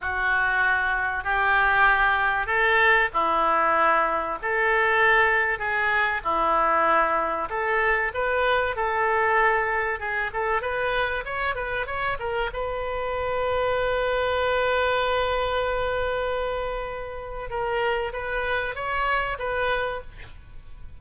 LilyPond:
\new Staff \with { instrumentName = "oboe" } { \time 4/4 \tempo 4 = 96 fis'2 g'2 | a'4 e'2 a'4~ | a'4 gis'4 e'2 | a'4 b'4 a'2 |
gis'8 a'8 b'4 cis''8 b'8 cis''8 ais'8 | b'1~ | b'1 | ais'4 b'4 cis''4 b'4 | }